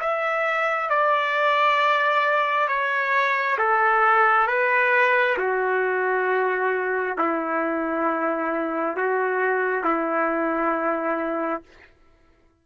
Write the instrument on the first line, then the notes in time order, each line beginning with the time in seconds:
trumpet
0.00 E5
0.89 D5
2.67 C#5
3.58 A4
4.47 B4
5.37 F#4
7.18 E4
8.96 F#4
9.83 E4